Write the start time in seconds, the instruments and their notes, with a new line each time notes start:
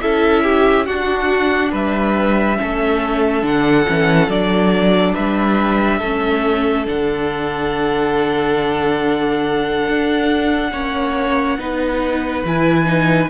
0.00 cello C#4, viola E4, violin A4 E5
0.43 violin G4
0.85 cello D4, viola D4, violin F#4 F#5
1.71 cello G3, violin B4 E5
2.56 cello A3, viola C#4, violin A4
3.42 cello D3, viola D4, violin F#5
3.87 cello E3, viola C#4
4.27 cello F#3, viola D4, violin D5
5.13 cello G3, violin B4 E5
5.98 cello A3, viola C#4, violin A4
6.85 cello D3, viola D4, violin F#5
9.87 cello D4
10.72 cello A#3, viola C#4, violin C#5
11.58 cello B3, viola D#4, violin B4
12.44 cello E3, viola E4, violin G#5
12.85 viola D#4